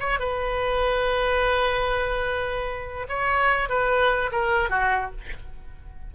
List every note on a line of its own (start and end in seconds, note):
0.00 0.19 C#5
0.19 3.07 B4
3.09 3.69 C#5
3.69 4.31 B4
4.32 4.70 A#4
4.70 5.11 F#4